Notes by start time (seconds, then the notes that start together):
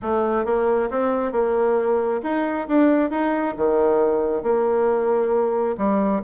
0.01 A3
0.45 A#3
0.90 C4
1.32 A#3
2.22 D#4
2.68 D4
3.10 D#4
3.56 D#3
4.42 A#3
5.77 G3